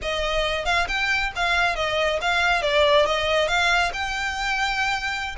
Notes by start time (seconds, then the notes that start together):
0.02 D#5
0.65 F5
0.88 G5
1.35 F5
1.75 D#5
2.21 F5
2.62 D5
3.06 D#5
3.48 F5
3.93 G5